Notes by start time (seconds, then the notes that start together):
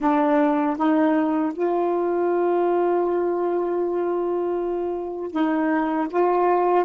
0.00 D4
0.76 D#4
1.52 F4
5.31 D#4
6.10 F4